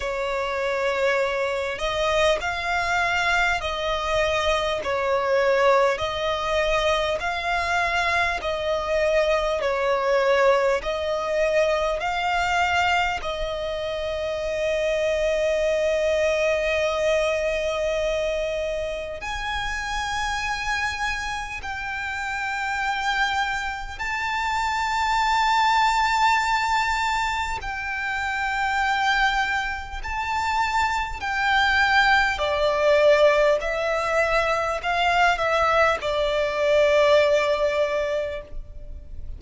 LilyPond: \new Staff \with { instrumentName = "violin" } { \time 4/4 \tempo 4 = 50 cis''4. dis''8 f''4 dis''4 | cis''4 dis''4 f''4 dis''4 | cis''4 dis''4 f''4 dis''4~ | dis''1 |
gis''2 g''2 | a''2. g''4~ | g''4 a''4 g''4 d''4 | e''4 f''8 e''8 d''2 | }